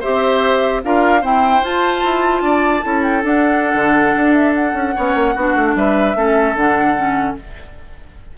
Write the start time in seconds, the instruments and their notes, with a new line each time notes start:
0.00 bassoon C4, clarinet G4, oboe C5, flute E5
0.84 bassoon D4, clarinet F4, oboe A#4, flute F5
1.20 clarinet C4, bassoon E4, oboe C5, flute G5
1.63 clarinet F4, bassoon F4, flute A5
2.03 bassoon E4
2.41 bassoon D4, oboe D5
2.82 bassoon C#4, clarinet E4, oboe A4
3.03 flute G5
3.22 clarinet D4, bassoon D4, flute F#5
3.74 bassoon D3
4.16 bassoon D4
4.33 flute E5
4.54 flute F#5
4.73 bassoon C#4
4.95 bassoon B3, clarinet C#4, oboe C#5
5.15 bassoon A#3
5.34 bassoon B3, clarinet D4, oboe F#4
5.55 bassoon A3
5.75 bassoon G3, oboe B4, flute E5
6.15 bassoon A3, clarinet C#4, oboe A4
6.54 bassoon D3, clarinet D4, flute F#5
6.96 clarinet C#4